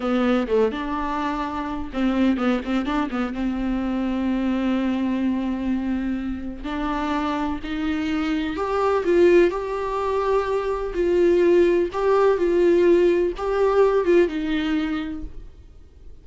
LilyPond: \new Staff \with { instrumentName = "viola" } { \time 4/4 \tempo 4 = 126 b4 a8 d'2~ d'8 | c'4 b8 c'8 d'8 b8 c'4~ | c'1~ | c'2 d'2 |
dis'2 g'4 f'4 | g'2. f'4~ | f'4 g'4 f'2 | g'4. f'8 dis'2 | }